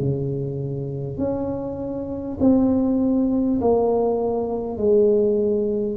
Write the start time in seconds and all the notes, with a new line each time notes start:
0.00 C#3
1.18 C#4
2.40 C4
3.61 A#3
4.77 G#3